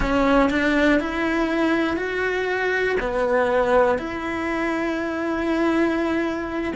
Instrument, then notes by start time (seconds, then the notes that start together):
cello
0.00 C#4
0.50 D4
1.00 E4
1.96 F#4
3.00 B3
3.98 E4